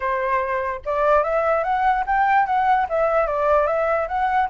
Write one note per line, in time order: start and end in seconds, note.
0.00 0.80 C5
0.85 1.23 D5
1.23 1.63 E5
1.63 2.04 F#5
2.06 2.46 G5
2.46 2.87 F#5
2.89 3.26 E5
3.26 3.66 D5
3.66 4.07 E5
4.08 4.48 F#5